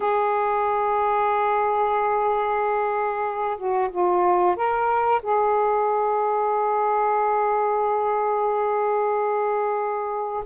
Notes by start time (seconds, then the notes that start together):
0.00 G#4
3.57 F#4
3.90 F4
4.56 A#4
5.22 G#4